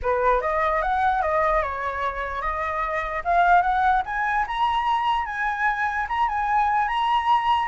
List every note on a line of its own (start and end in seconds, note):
0.02 0.41 B4
0.41 0.81 D#5
0.82 1.22 F#5
1.22 1.62 D#5
1.62 2.41 C#5
2.41 3.22 D#5
3.24 3.62 F5
3.62 4.02 F#5
4.05 4.46 G#5
4.47 5.25 A#5
5.25 6.06 G#5
6.08 6.28 A#5
6.28 6.88 G#5
6.88 7.68 A#5